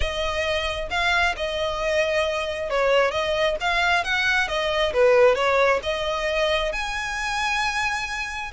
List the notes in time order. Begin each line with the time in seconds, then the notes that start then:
0.00 D#5
0.90 F5
1.36 D#5
2.69 C#5
3.11 D#5
3.60 F5
4.04 F#5
4.48 D#5
4.93 B4
5.35 C#5
5.82 D#5
6.72 G#5